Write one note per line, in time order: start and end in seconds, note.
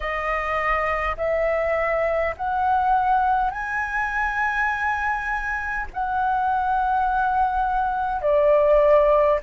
0.00 1.16 D#5
1.17 2.34 E5
2.36 3.50 F#5
3.50 5.86 G#5
5.93 8.21 F#5
8.21 9.39 D5